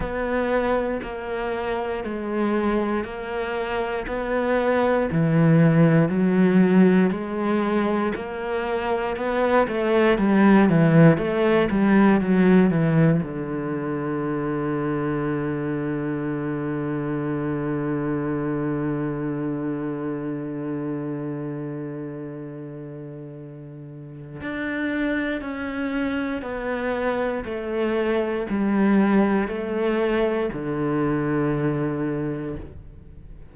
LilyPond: \new Staff \with { instrumentName = "cello" } { \time 4/4 \tempo 4 = 59 b4 ais4 gis4 ais4 | b4 e4 fis4 gis4 | ais4 b8 a8 g8 e8 a8 g8 | fis8 e8 d2.~ |
d1~ | d1 | d'4 cis'4 b4 a4 | g4 a4 d2 | }